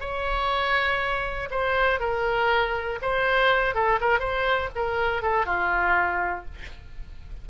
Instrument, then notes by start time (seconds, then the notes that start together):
oboe
0.00 C#5
1.50 C5
1.99 A#4
3.02 C5
3.75 A4
4.00 A#4
4.19 C5
4.75 A#4
5.22 A4
5.46 F4